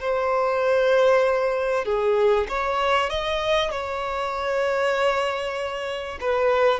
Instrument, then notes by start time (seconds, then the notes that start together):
violin
0.00 C5
1.85 G#4
2.49 C#5
3.10 D#5
3.71 C#5
6.20 B4